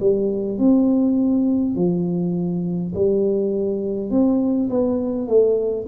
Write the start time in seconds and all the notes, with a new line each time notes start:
0.00 G3
0.58 C4
1.76 F3
2.95 G3
4.11 C4
4.70 B3
5.28 A3